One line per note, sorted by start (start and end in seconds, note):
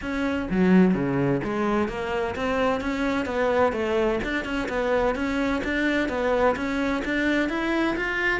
0.01 0.48 C#4
0.50 0.94 F#3
0.94 1.41 C#3
1.43 1.88 G#3
1.88 2.35 A#3
2.35 2.81 C4
2.81 3.25 C#4
3.25 3.72 B3
3.72 4.19 A3
4.23 4.44 D4
4.44 4.68 C#4
4.69 5.15 B3
5.15 5.62 C#4
5.64 6.09 D4
6.09 6.55 B3
6.55 7.02 C#4
7.05 7.49 D4
7.49 7.96 E4
7.96 8.40 F4